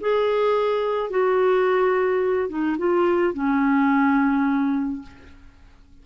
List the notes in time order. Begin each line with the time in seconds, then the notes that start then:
0.00 G#4
1.09 F#4
2.49 D#4
2.78 F4
3.33 C#4